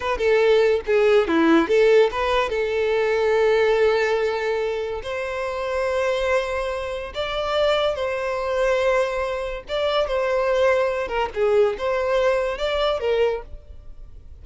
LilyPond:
\new Staff \with { instrumentName = "violin" } { \time 4/4 \tempo 4 = 143 b'8 a'4. gis'4 e'4 | a'4 b'4 a'2~ | a'1 | c''1~ |
c''4 d''2 c''4~ | c''2. d''4 | c''2~ c''8 ais'8 gis'4 | c''2 d''4 ais'4 | }